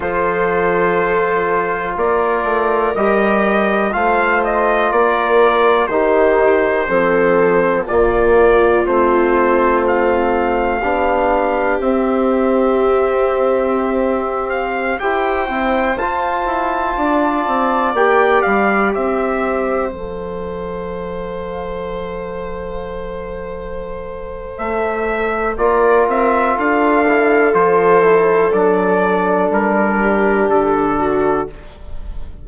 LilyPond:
<<
  \new Staff \with { instrumentName = "trumpet" } { \time 4/4 \tempo 4 = 61 c''2 d''4 dis''4 | f''8 dis''8 d''4 c''2 | d''4 c''4 f''2 | e''2~ e''8. f''8 g''8.~ |
g''16 a''2 g''8 f''8 e''8.~ | e''16 f''2.~ f''8.~ | f''4 e''4 d''8 e''8 f''4 | c''4 d''4 ais'4 a'4 | }
  \new Staff \with { instrumentName = "viola" } { \time 4/4 a'2 ais'2 | c''4 ais'4 g'4 a'4 | f'2. g'4~ | g'2.~ g'16 c''8.~ |
c''4~ c''16 d''2 c''8.~ | c''1~ | c''2 ais'4 a'4~ | a'2~ a'8 g'4 fis'8 | }
  \new Staff \with { instrumentName = "trombone" } { \time 4/4 f'2. g'4 | f'2 dis'4 c'4 | ais4 c'2 d'4 | c'2.~ c'16 g'8 e'16~ |
e'16 f'2 g'4.~ g'16~ | g'16 a'2.~ a'8.~ | a'2 f'4. e'8 | f'8 e'8 d'2. | }
  \new Staff \with { instrumentName = "bassoon" } { \time 4/4 f2 ais8 a8 g4 | a4 ais4 dis4 f4 | ais,4 a2 b4 | c'2.~ c'16 e'8 c'16~ |
c'16 f'8 e'8 d'8 c'8 ais8 g8 c'8.~ | c'16 f2.~ f8.~ | f4 a4 ais8 c'8 d'4 | f4 fis4 g4 d4 | }
>>